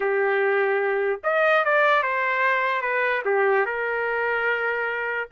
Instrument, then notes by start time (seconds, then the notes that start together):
trumpet
0.00 G4
1.23 D#5
1.64 D5
2.02 C5
2.81 B4
3.25 G4
3.65 A#4